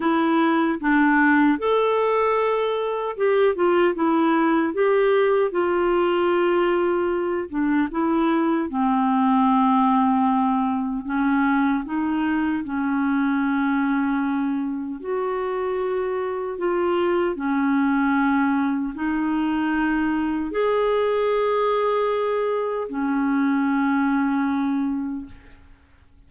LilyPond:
\new Staff \with { instrumentName = "clarinet" } { \time 4/4 \tempo 4 = 76 e'4 d'4 a'2 | g'8 f'8 e'4 g'4 f'4~ | f'4. d'8 e'4 c'4~ | c'2 cis'4 dis'4 |
cis'2. fis'4~ | fis'4 f'4 cis'2 | dis'2 gis'2~ | gis'4 cis'2. | }